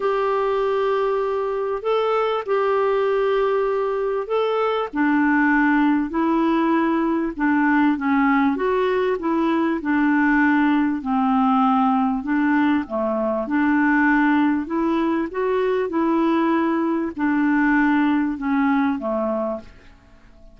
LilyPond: \new Staff \with { instrumentName = "clarinet" } { \time 4/4 \tempo 4 = 98 g'2. a'4 | g'2. a'4 | d'2 e'2 | d'4 cis'4 fis'4 e'4 |
d'2 c'2 | d'4 a4 d'2 | e'4 fis'4 e'2 | d'2 cis'4 a4 | }